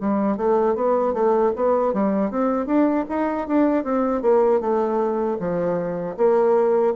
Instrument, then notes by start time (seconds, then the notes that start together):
bassoon
0.00 G3
0.37 A3
0.74 B3
1.13 A3
1.55 B3
1.93 G3
2.30 C4
2.66 D4
3.09 D#4
3.47 D4
3.84 C4
4.22 A#3
4.60 A3
5.39 F3
6.16 A#3